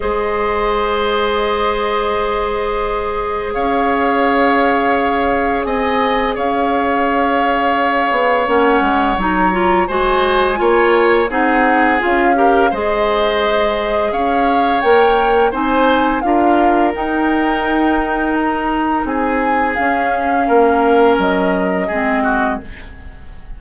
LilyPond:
<<
  \new Staff \with { instrumentName = "flute" } { \time 4/4 \tempo 4 = 85 dis''1~ | dis''4 f''2. | gis''4 f''2. | fis''4 ais''4 gis''2 |
fis''4 f''4 dis''2 | f''4 g''4 gis''4 f''4 | g''2 ais''4 gis''4 | f''2 dis''2 | }
  \new Staff \with { instrumentName = "oboe" } { \time 4/4 c''1~ | c''4 cis''2. | dis''4 cis''2.~ | cis''2 c''4 cis''4 |
gis'4. ais'8 c''2 | cis''2 c''4 ais'4~ | ais'2. gis'4~ | gis'4 ais'2 gis'8 fis'8 | }
  \new Staff \with { instrumentName = "clarinet" } { \time 4/4 gis'1~ | gis'1~ | gis'1 | cis'4 dis'8 f'8 fis'4 f'4 |
dis'4 f'8 g'8 gis'2~ | gis'4 ais'4 dis'4 f'4 | dis'1 | cis'2. c'4 | }
  \new Staff \with { instrumentName = "bassoon" } { \time 4/4 gis1~ | gis4 cis'2. | c'4 cis'2~ cis'8 b8 | ais8 gis8 fis4 gis4 ais4 |
c'4 cis'4 gis2 | cis'4 ais4 c'4 d'4 | dis'2. c'4 | cis'4 ais4 fis4 gis4 | }
>>